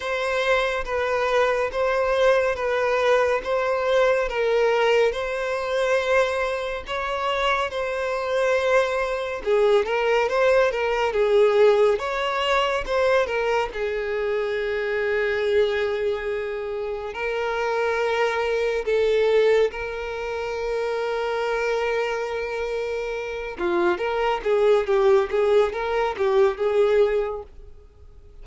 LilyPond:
\new Staff \with { instrumentName = "violin" } { \time 4/4 \tempo 4 = 70 c''4 b'4 c''4 b'4 | c''4 ais'4 c''2 | cis''4 c''2 gis'8 ais'8 | c''8 ais'8 gis'4 cis''4 c''8 ais'8 |
gis'1 | ais'2 a'4 ais'4~ | ais'2.~ ais'8 f'8 | ais'8 gis'8 g'8 gis'8 ais'8 g'8 gis'4 | }